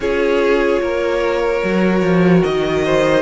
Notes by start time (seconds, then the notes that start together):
0.00 C#4 F4 G#4 C#5
0.81 A#3 A#4
1.63 F#3 F#4
2.02 F3
2.43 D#3 D#5
2.84 C5